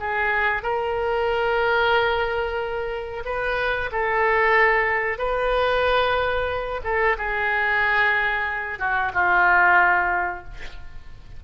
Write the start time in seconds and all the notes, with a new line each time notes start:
0.00 G#4
0.63 A#4
3.25 B4
3.92 A4
5.18 B4
6.84 A4
7.18 G#4
8.79 F#4
9.14 F4